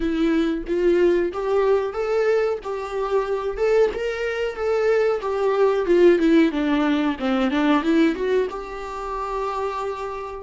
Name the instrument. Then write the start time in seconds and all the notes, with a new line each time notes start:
viola
0.00 E4
0.67 F4
1.33 G4
1.93 A4
2.63 G4
3.57 A4
3.94 A#4
4.55 A4
5.21 G4
5.86 F4
6.18 E4
6.51 D4
7.19 C4
7.51 D4
7.82 E4
8.15 F#4
8.50 G4